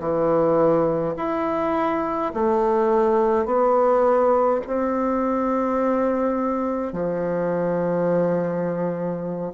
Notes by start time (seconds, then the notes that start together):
0.00 E3
1.17 E4
2.34 A3
3.46 B3
4.67 C4
6.93 F3